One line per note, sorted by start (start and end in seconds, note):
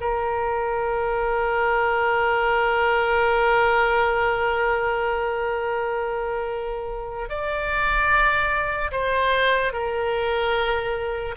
0.00 7.29 A#4
7.29 8.91 D5
8.92 9.73 C5
9.73 11.35 A#4